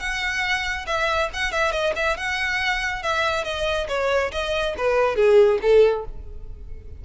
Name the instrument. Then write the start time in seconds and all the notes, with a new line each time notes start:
violin
0.00 F#5
0.87 E5
1.34 F#5
1.52 E5
1.72 D#5
1.96 E5
2.18 F#5
3.03 E5
3.45 D#5
3.89 C#5
4.32 D#5
4.78 B4
5.16 G#4
5.62 A4